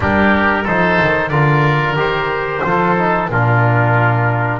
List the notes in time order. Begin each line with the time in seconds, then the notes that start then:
0.00 G3 D4 G4 A#4
0.63 F3 D#4 A4 C5
1.01 D#3
1.29 D3 F4 A#4 D5
1.95 D#3 G4 C5
2.63 F3 F4 A4
2.97 D#4
3.29 A#2 D4 F4 A#4